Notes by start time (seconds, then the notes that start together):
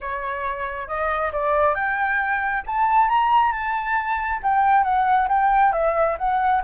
0.00 C#5
0.87 D#5
1.32 D5
1.74 G5
2.66 A5
3.08 A#5
3.52 A5
4.42 G5
4.83 F#5
5.28 G5
5.72 E5
6.18 F#5